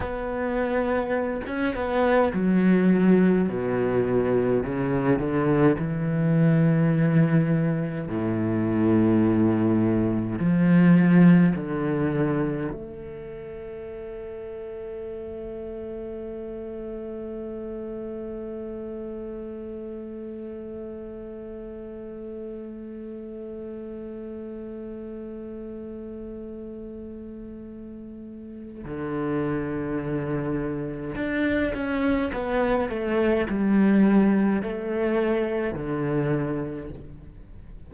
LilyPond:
\new Staff \with { instrumentName = "cello" } { \time 4/4 \tempo 4 = 52 b4~ b16 cis'16 b8 fis4 b,4 | cis8 d8 e2 a,4~ | a,4 f4 d4 a4~ | a1~ |
a1~ | a1~ | a4 d2 d'8 cis'8 | b8 a8 g4 a4 d4 | }